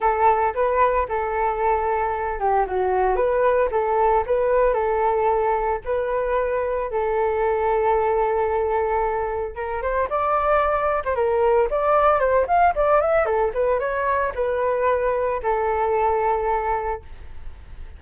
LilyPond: \new Staff \with { instrumentName = "flute" } { \time 4/4 \tempo 4 = 113 a'4 b'4 a'2~ | a'8 g'8 fis'4 b'4 a'4 | b'4 a'2 b'4~ | b'4 a'2.~ |
a'2 ais'8 c''8 d''4~ | d''8. c''16 ais'4 d''4 c''8 f''8 | d''8 e''8 a'8 b'8 cis''4 b'4~ | b'4 a'2. | }